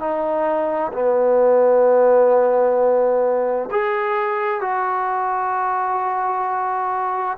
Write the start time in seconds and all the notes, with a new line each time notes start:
0.00 D#4
0.93 B3
3.71 G#4
4.61 F#4